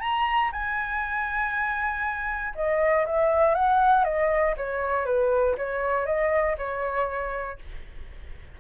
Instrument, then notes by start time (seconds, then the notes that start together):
flute
0.00 A#5
0.52 G#5
2.55 D#5
3.06 E5
3.54 F#5
4.04 D#5
4.57 C#5
5.05 B4
5.58 C#5
6.06 D#5
6.58 C#5